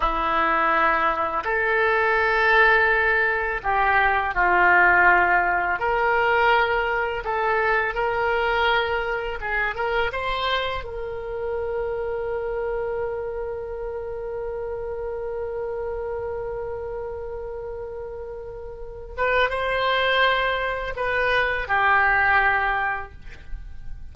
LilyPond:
\new Staff \with { instrumentName = "oboe" } { \time 4/4 \tempo 4 = 83 e'2 a'2~ | a'4 g'4 f'2 | ais'2 a'4 ais'4~ | ais'4 gis'8 ais'8 c''4 ais'4~ |
ais'1~ | ais'1~ | ais'2~ ais'8 b'8 c''4~ | c''4 b'4 g'2 | }